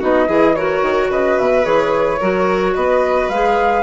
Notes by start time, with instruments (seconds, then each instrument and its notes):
0.00 bassoon B3, clarinet D#4, violin F#4, flute D#5
0.27 bassoon E3, clarinet E4, violin G#4
0.55 clarinet F#4, violin A#4, flute C#5
0.82 bassoon D#3
1.10 bassoon C#3, violin B4, flute D#5
1.38 bassoon B2, flute E5
1.62 bassoon E3, clarinet G#4, flute C#5
2.19 bassoon F#3, clarinet F#4, violin A#4
2.75 bassoon B3, violin B4, flute D#5
3.29 bassoon G#3, clarinet G#4, flute F5